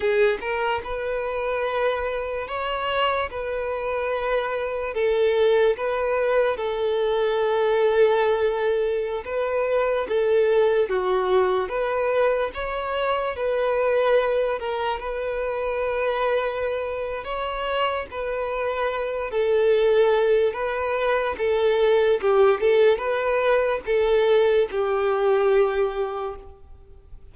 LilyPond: \new Staff \with { instrumentName = "violin" } { \time 4/4 \tempo 4 = 73 gis'8 ais'8 b'2 cis''4 | b'2 a'4 b'4 | a'2.~ a'16 b'8.~ | b'16 a'4 fis'4 b'4 cis''8.~ |
cis''16 b'4. ais'8 b'4.~ b'16~ | b'4 cis''4 b'4. a'8~ | a'4 b'4 a'4 g'8 a'8 | b'4 a'4 g'2 | }